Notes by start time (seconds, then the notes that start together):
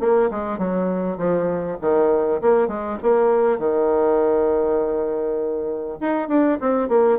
0.00 A#3
0.31 G#3
0.58 F#3
1.17 F3
1.81 D#3
2.41 A#3
2.68 G#3
3.02 A#3
3.59 D#3
6.01 D#4
6.28 D4
6.61 C4
6.89 A#3